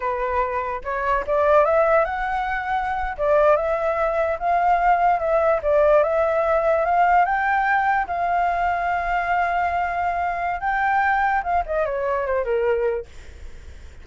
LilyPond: \new Staff \with { instrumentName = "flute" } { \time 4/4 \tempo 4 = 147 b'2 cis''4 d''4 | e''4 fis''2~ fis''8. d''16~ | d''8. e''2 f''4~ f''16~ | f''8. e''4 d''4 e''4~ e''16~ |
e''8. f''4 g''2 f''16~ | f''1~ | f''2 g''2 | f''8 dis''8 cis''4 c''8 ais'4. | }